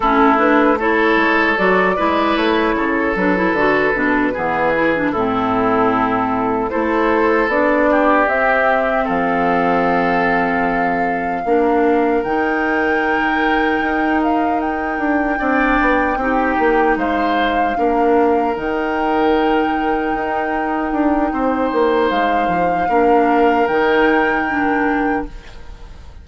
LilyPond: <<
  \new Staff \with { instrumentName = "flute" } { \time 4/4 \tempo 4 = 76 a'8 b'8 cis''4 d''4 cis''4 | b'2~ b'8 a'4.~ | a'8 c''4 d''4 e''4 f''8~ | f''2.~ f''8 g''8~ |
g''2 f''8 g''4.~ | g''4. f''2 g''8~ | g''1 | f''2 g''2 | }
  \new Staff \with { instrumentName = "oboe" } { \time 4/4 e'4 a'4. b'4 a'8~ | a'4. gis'4 e'4.~ | e'8 a'4. g'4. a'8~ | a'2~ a'8 ais'4.~ |
ais'2.~ ais'8 d''8~ | d''8 g'4 c''4 ais'4.~ | ais'2. c''4~ | c''4 ais'2. | }
  \new Staff \with { instrumentName = "clarinet" } { \time 4/4 cis'8 d'8 e'4 fis'8 e'4. | d'16 e'16 fis'8 d'8 b8 e'16 d'16 c'4.~ | c'8 e'4 d'4 c'4.~ | c'2~ c'8 d'4 dis'8~ |
dis'2.~ dis'8 d'8~ | d'8 dis'2 d'4 dis'8~ | dis'1~ | dis'4 d'4 dis'4 d'4 | }
  \new Staff \with { instrumentName = "bassoon" } { \time 4/4 a4. gis8 fis8 gis8 a8 cis8 | fis8 d8 b,8 e4 a,4.~ | a,8 a4 b4 c'4 f8~ | f2~ f8 ais4 dis8~ |
dis4. dis'4. d'8 c'8 | b8 c'8 ais8 gis4 ais4 dis8~ | dis4. dis'4 d'8 c'8 ais8 | gis8 f8 ais4 dis2 | }
>>